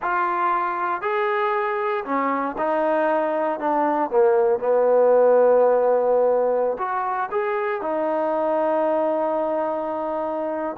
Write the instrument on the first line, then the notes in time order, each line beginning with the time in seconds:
trombone
0.02 F4
1.01 G#4
2.04 C#4
2.58 D#4
3.59 D4
4.10 A#3
4.59 B3
6.78 F#4
7.31 G#4
7.81 D#4